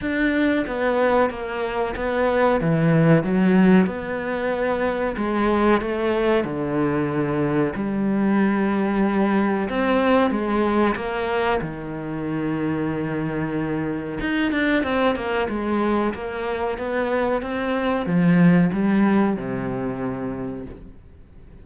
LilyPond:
\new Staff \with { instrumentName = "cello" } { \time 4/4 \tempo 4 = 93 d'4 b4 ais4 b4 | e4 fis4 b2 | gis4 a4 d2 | g2. c'4 |
gis4 ais4 dis2~ | dis2 dis'8 d'8 c'8 ais8 | gis4 ais4 b4 c'4 | f4 g4 c2 | }